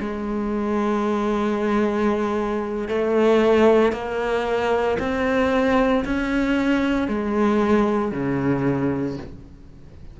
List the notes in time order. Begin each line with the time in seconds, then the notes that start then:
0.00 G#3
2.89 A3
3.93 A#3
5.00 C4
6.05 C#4
7.08 G#3
8.12 C#3